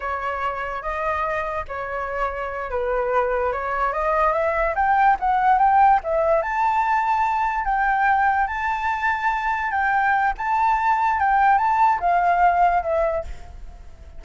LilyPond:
\new Staff \with { instrumentName = "flute" } { \time 4/4 \tempo 4 = 145 cis''2 dis''2 | cis''2~ cis''8 b'4.~ | b'8 cis''4 dis''4 e''4 g''8~ | g''8 fis''4 g''4 e''4 a''8~ |
a''2~ a''8 g''4.~ | g''8 a''2. g''8~ | g''4 a''2 g''4 | a''4 f''2 e''4 | }